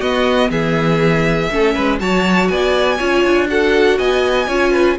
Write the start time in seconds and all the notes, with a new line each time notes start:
0.00 B3 F#4 D#5
0.51 E3 G#4 E5
1.52 A3 C#4 A4
1.75 G#3 B4
2.00 F#3 F#4 C#5 A5
2.48 B3 D5 G#5
2.98 C#4 F4 C#5
3.25 D4
3.49 F#4 A4 F#5
3.99 B3 D#5 G#5
4.48 C#4 F4 C#5
4.72 B4